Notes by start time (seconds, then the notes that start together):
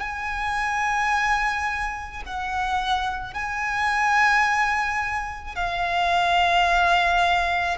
0.00 G#5
2.25 F#5
3.33 G#5
5.56 F5